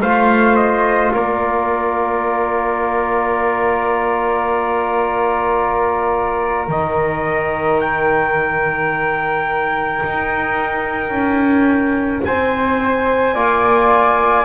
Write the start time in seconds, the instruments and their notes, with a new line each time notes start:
0.00 double bass A3, trombone F4, flute C5, trumpet F5
0.56 trumpet D#5
1.13 double bass A#3, flute A#4, trumpet D5
6.68 double bass D#3, trombone D#4, trumpet D#5
7.80 trumpet G5
10.03 double bass D#4
11.10 double bass C#4
12.24 double bass C4, flute C5, trumpet G#5
13.34 double bass A#3, trombone F4, flute D5